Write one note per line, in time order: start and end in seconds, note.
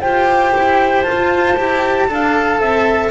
0.00 0.54 F4
0.00 1.04 G4
0.00 2.08 C5
0.00 1.02 G5
0.56 1.08 E4
1.02 1.55 F4
1.02 3.09 A5
1.11 1.59 F4
1.57 2.09 E4
1.57 2.08 G4
2.08 2.60 D4
2.08 3.11 A4
2.08 2.60 F5
2.60 3.11 C4
2.60 3.11 E5